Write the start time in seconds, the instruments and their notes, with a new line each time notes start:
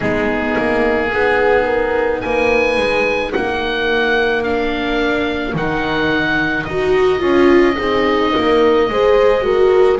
0.00 double bass G#3, viola B3, horn D#4, oboe G#4
0.57 double bass A#3
1.11 double bass B3, viola D#4, horn G#4
1.64 horn A#4
2.21 double bass A#3, horn B4, oboe G#5
2.77 double bass G#3
3.33 double bass A#3, horn A#4, oboe F#5
4.43 viola D4, oboe F5
5.54 double bass D#3, viola D#4, oboe F#5
6.64 double bass D#4, viola F#4, oboe D#5
7.19 double bass C#4, viola F4
7.76 double bass C4, viola D#4, horn G#4
8.35 double bass A#3, horn A#4
8.89 double bass G#3, viola G#4, horn C5
9.41 viola F#4, horn A#4